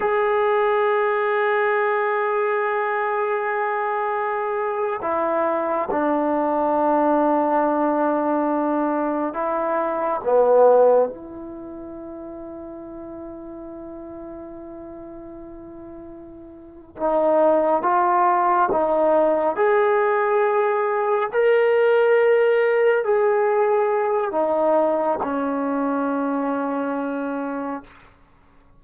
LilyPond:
\new Staff \with { instrumentName = "trombone" } { \time 4/4 \tempo 4 = 69 gis'1~ | gis'4.~ gis'16 e'4 d'4~ d'16~ | d'2~ d'8. e'4 b16~ | b8. e'2.~ e'16~ |
e'2.~ e'8 dis'8~ | dis'8 f'4 dis'4 gis'4.~ | gis'8 ais'2 gis'4. | dis'4 cis'2. | }